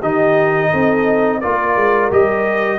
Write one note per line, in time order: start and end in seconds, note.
0.00 0.73 D#3
0.00 1.42 D#4
0.00 0.70 G4
0.00 1.41 D#5
0.70 1.43 C4
0.70 1.40 A4
1.41 1.76 A#3
1.41 2.11 F4
1.41 2.79 A#4
1.41 2.10 D5
1.76 2.11 G#3
2.11 2.79 G3
2.11 2.79 G4
2.11 2.79 D#5